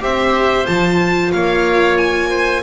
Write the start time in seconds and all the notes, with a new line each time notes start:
0.00 C4 G4 C5 E5
0.65 F3 F4 A5
1.32 A#3 C#5 F5
1.97 G#5
2.29 C5